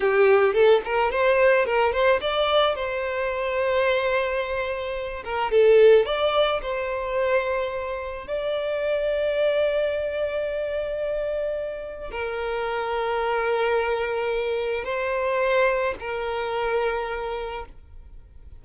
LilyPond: \new Staff \with { instrumentName = "violin" } { \time 4/4 \tempo 4 = 109 g'4 a'8 ais'8 c''4 ais'8 c''8 | d''4 c''2.~ | c''4. ais'8 a'4 d''4 | c''2. d''4~ |
d''1~ | d''2 ais'2~ | ais'2. c''4~ | c''4 ais'2. | }